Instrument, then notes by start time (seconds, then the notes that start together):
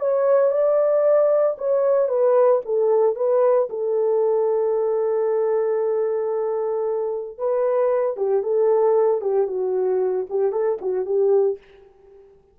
horn
0.00 C#5
0.51 D5
1.58 C#5
2.09 B4
2.65 A4
3.16 B4
3.70 A4
7.38 B4
8.17 G4
8.43 A4
9.21 G4
9.47 F#4
10.29 G4
10.52 A4
10.81 F#4
11.06 G4